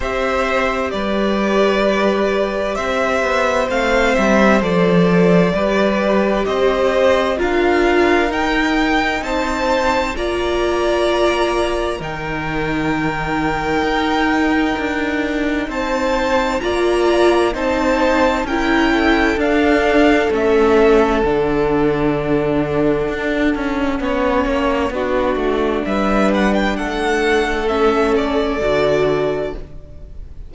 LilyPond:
<<
  \new Staff \with { instrumentName = "violin" } { \time 4/4 \tempo 4 = 65 e''4 d''2 e''4 | f''8 e''8 d''2 dis''4 | f''4 g''4 a''4 ais''4~ | ais''4 g''2.~ |
g''4 a''4 ais''4 a''4 | g''4 f''4 e''4 fis''4~ | fis''1 | e''8 fis''16 g''16 fis''4 e''8 d''4. | }
  \new Staff \with { instrumentName = "violin" } { \time 4/4 c''4 b'2 c''4~ | c''2 b'4 c''4 | ais'2 c''4 d''4~ | d''4 ais'2.~ |
ais'4 c''4 d''4 c''4 | ais'8 a'2.~ a'8~ | a'2 cis''4 fis'4 | b'4 a'2. | }
  \new Staff \with { instrumentName = "viola" } { \time 4/4 g'1 | c'4 a'4 g'2 | f'4 dis'2 f'4~ | f'4 dis'2.~ |
dis'2 f'4 dis'4 | e'4 d'4 cis'4 d'4~ | d'2 cis'4 d'4~ | d'2 cis'4 fis'4 | }
  \new Staff \with { instrumentName = "cello" } { \time 4/4 c'4 g2 c'8 b8 | a8 g8 f4 g4 c'4 | d'4 dis'4 c'4 ais4~ | ais4 dis2 dis'4 |
d'4 c'4 ais4 c'4 | cis'4 d'4 a4 d4~ | d4 d'8 cis'8 b8 ais8 b8 a8 | g4 a2 d4 | }
>>